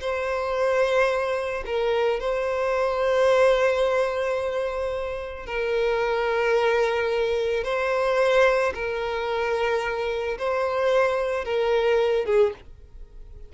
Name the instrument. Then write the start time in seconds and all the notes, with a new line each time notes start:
violin
0.00 C5
1.65 A#4
2.19 C5
5.46 A#4
7.64 C5
8.74 A#4
10.38 C5
11.44 A#4
12.25 G#4